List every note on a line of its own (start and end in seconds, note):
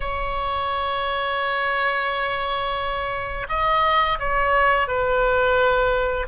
0.00 3.46 C#5
3.49 4.18 D#5
4.19 4.87 C#5
4.87 6.27 B4